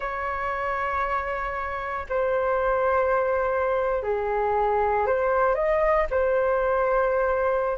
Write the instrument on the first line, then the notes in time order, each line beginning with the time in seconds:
flute
0.00 C#5
2.09 C5
4.03 G#4
5.06 C5
5.54 D#5
6.10 C5